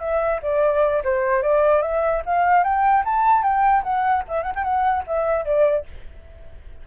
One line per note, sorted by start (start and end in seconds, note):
0.00 0.40 E5
0.42 1.03 D5
1.04 1.43 C5
1.43 1.82 D5
1.82 2.22 E5
2.26 2.64 F5
2.64 3.04 G5
3.05 3.43 A5
3.43 3.83 G5
3.83 4.24 F#5
4.28 4.43 E5
4.43 4.53 F#5
4.55 4.64 G5
4.64 5.04 F#5
5.07 5.45 E5
5.45 5.86 D5